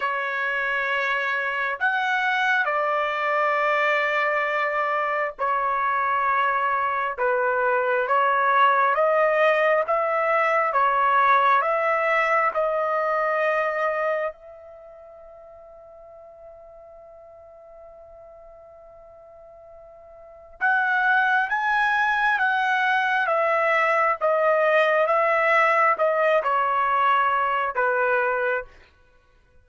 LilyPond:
\new Staff \with { instrumentName = "trumpet" } { \time 4/4 \tempo 4 = 67 cis''2 fis''4 d''4~ | d''2 cis''2 | b'4 cis''4 dis''4 e''4 | cis''4 e''4 dis''2 |
e''1~ | e''2. fis''4 | gis''4 fis''4 e''4 dis''4 | e''4 dis''8 cis''4. b'4 | }